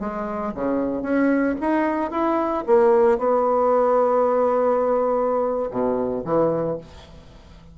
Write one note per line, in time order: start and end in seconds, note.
0.00 0.53 G#3
0.55 1.02 C#3
1.02 1.55 C#4
1.61 2.11 D#4
2.11 2.64 E4
2.67 3.18 A#3
3.18 5.71 B3
5.71 6.24 B2
6.25 6.78 E3